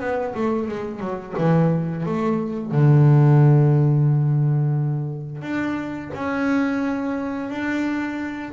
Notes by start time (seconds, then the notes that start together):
0.00 B3
0.35 A3
0.68 G#3
1.00 F#3
1.38 E3
2.06 A3
2.71 D3
5.42 D4
6.14 C#4
7.50 D4